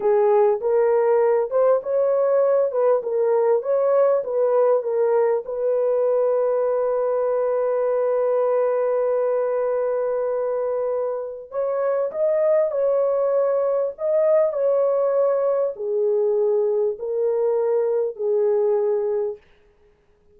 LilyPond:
\new Staff \with { instrumentName = "horn" } { \time 4/4 \tempo 4 = 99 gis'4 ais'4. c''8 cis''4~ | cis''8 b'8 ais'4 cis''4 b'4 | ais'4 b'2.~ | b'1~ |
b'2. cis''4 | dis''4 cis''2 dis''4 | cis''2 gis'2 | ais'2 gis'2 | }